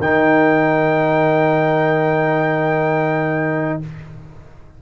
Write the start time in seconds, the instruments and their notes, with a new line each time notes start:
0.00 tuba D#3, trombone D#4, horn A#4, trumpet G5